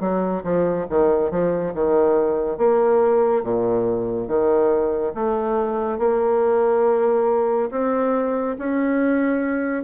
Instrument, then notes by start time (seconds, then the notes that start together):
bassoon
0.00 F#3
0.44 F3
0.90 D#3
1.31 F3
1.74 D#3
2.58 A#3
3.44 A#2
4.27 D#3
5.15 A3
5.99 A#3
7.71 C4
8.58 C#4